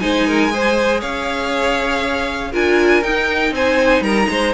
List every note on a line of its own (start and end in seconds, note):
0.00 1.02 G#3
0.00 0.51 D#4
0.00 0.27 C5
0.00 1.01 G#5
0.27 0.52 A#4
0.51 2.52 G#4
0.51 1.00 C5
1.00 2.53 C#4
1.00 2.52 C#5
1.00 2.53 F5
2.52 3.03 D4
2.52 3.03 F4
2.52 3.53 A#4
2.52 3.03 G#5
3.03 3.51 D#4
3.03 4.54 D#4
3.03 3.54 G5
3.51 4.01 C4
3.51 4.04 C5
3.51 4.03 G#5
4.01 4.26 G3
4.01 4.29 A#4
4.01 4.53 A#5
4.29 4.54 G#3
4.29 4.54 C5